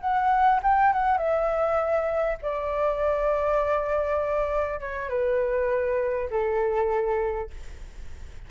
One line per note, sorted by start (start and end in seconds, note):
0.00 0.60 F#5
0.62 0.92 G5
0.92 1.17 F#5
1.17 2.37 E5
2.42 4.79 D5
4.79 5.09 C#5
5.09 6.29 B4
6.30 7.50 A4